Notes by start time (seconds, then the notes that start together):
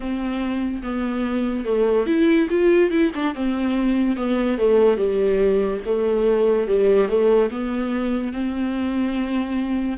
0.00 C4
0.83 B3
1.64 A3
2.06 E4
2.50 F4
2.90 E4
3.14 D4
3.34 C4
4.16 B3
4.58 A3
4.97 G3
5.85 A3
6.67 G3
7.08 A3
7.50 B3
8.32 C4